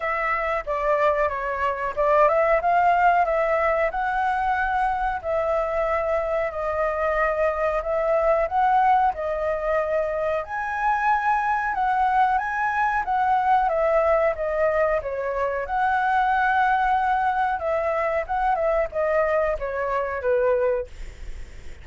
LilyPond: \new Staff \with { instrumentName = "flute" } { \time 4/4 \tempo 4 = 92 e''4 d''4 cis''4 d''8 e''8 | f''4 e''4 fis''2 | e''2 dis''2 | e''4 fis''4 dis''2 |
gis''2 fis''4 gis''4 | fis''4 e''4 dis''4 cis''4 | fis''2. e''4 | fis''8 e''8 dis''4 cis''4 b'4 | }